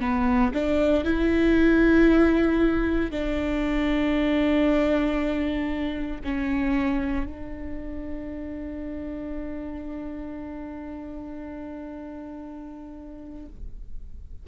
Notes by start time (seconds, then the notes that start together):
0.00 B3
0.54 D4
1.04 E4
3.11 D4
6.24 C#4
7.26 D4